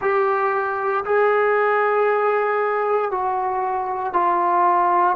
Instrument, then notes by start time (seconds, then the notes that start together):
trombone
0.00 G4
1.04 G#4
3.11 F#4
4.13 F4